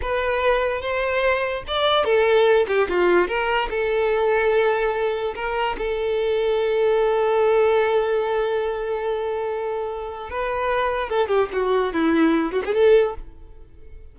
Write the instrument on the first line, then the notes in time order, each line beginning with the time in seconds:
violin
0.01 B4
0.81 C5
1.67 D5
2.04 A4
2.67 G4
2.88 F4
3.27 A#4
3.69 A4
5.35 A#4
5.78 A4
10.29 B4
11.09 A4
11.28 G4
11.52 F#4
11.93 E4
12.51 F#4
12.65 G#4
12.74 A4